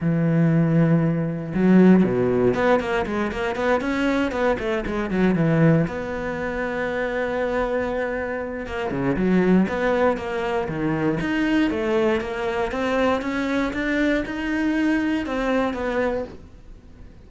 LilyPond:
\new Staff \with { instrumentName = "cello" } { \time 4/4 \tempo 4 = 118 e2. fis4 | b,4 b8 ais8 gis8 ais8 b8 cis'8~ | cis'8 b8 a8 gis8 fis8 e4 b8~ | b1~ |
b4 ais8 cis8 fis4 b4 | ais4 dis4 dis'4 a4 | ais4 c'4 cis'4 d'4 | dis'2 c'4 b4 | }